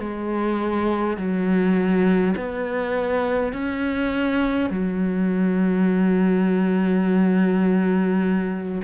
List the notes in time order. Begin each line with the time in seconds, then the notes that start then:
0.00 G#3
1.18 F#3
2.37 B3
3.53 C#4
4.71 F#3